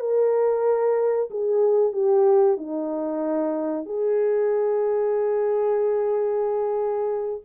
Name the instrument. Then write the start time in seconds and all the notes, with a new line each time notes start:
horn
0.00 A#4
1.30 G#4
1.92 G4
2.57 D#4
3.86 G#4